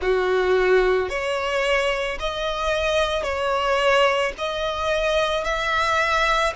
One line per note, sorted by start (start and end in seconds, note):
0.01 1.09 F#4
1.09 2.18 C#5
2.19 3.23 D#5
3.23 4.32 C#5
4.37 5.44 D#5
5.44 6.53 E5